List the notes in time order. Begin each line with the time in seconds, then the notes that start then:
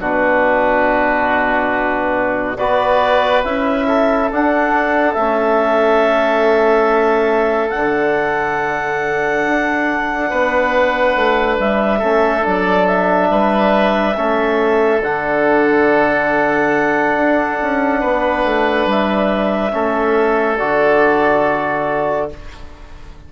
0.00 B2 D4 F#4 B4
2.57 B3 F#4 B4 D5
3.44 C#4 E4 E5
3.87 A4
4.30 D4 F#5
5.13 A3 C#4 E5
7.69 D4 F#5
7.76 D3
9.46 D4
10.30 B3 B4
11.16 A3
11.59 G3 E5
11.99 A3 C#4 A4
12.43 F#3 D4 D5
12.87 E5
13.30 G3 B4
14.17 A3 C#4 A4
15.01 D3 D4 F#5
17.16 D4
17.62 C#4
18.00 B3 B4
18.44 A3
18.86 G3 E5
19.71 A3 C#4 A4
20.57 D3 F#4 D5